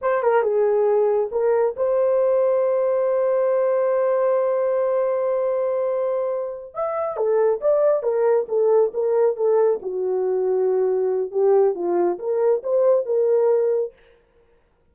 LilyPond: \new Staff \with { instrumentName = "horn" } { \time 4/4 \tempo 4 = 138 c''8 ais'8 gis'2 ais'4 | c''1~ | c''1~ | c''2.~ c''8 e''8~ |
e''8 a'4 d''4 ais'4 a'8~ | a'8 ais'4 a'4 fis'4.~ | fis'2 g'4 f'4 | ais'4 c''4 ais'2 | }